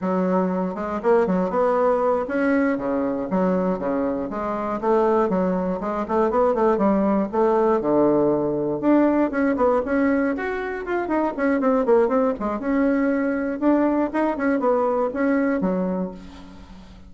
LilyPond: \new Staff \with { instrumentName = "bassoon" } { \time 4/4 \tempo 4 = 119 fis4. gis8 ais8 fis8 b4~ | b8 cis'4 cis4 fis4 cis8~ | cis8 gis4 a4 fis4 gis8 | a8 b8 a8 g4 a4 d8~ |
d4. d'4 cis'8 b8 cis'8~ | cis'8 fis'4 f'8 dis'8 cis'8 c'8 ais8 | c'8 gis8 cis'2 d'4 | dis'8 cis'8 b4 cis'4 fis4 | }